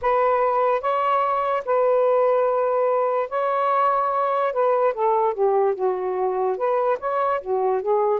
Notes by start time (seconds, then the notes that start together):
0.01 B4
0.81 C#5
1.65 B4
3.29 C#5
4.52 B4
4.93 A4
5.34 G4
5.75 F#4
6.57 B4
6.99 C#5
7.41 F#4
7.82 G#4